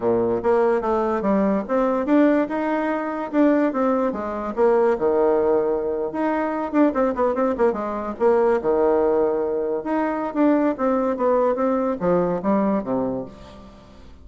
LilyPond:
\new Staff \with { instrumentName = "bassoon" } { \time 4/4 \tempo 4 = 145 ais,4 ais4 a4 g4 | c'4 d'4 dis'2 | d'4 c'4 gis4 ais4 | dis2~ dis8. dis'4~ dis'16~ |
dis'16 d'8 c'8 b8 c'8 ais8 gis4 ais16~ | ais8. dis2. dis'16~ | dis'4 d'4 c'4 b4 | c'4 f4 g4 c4 | }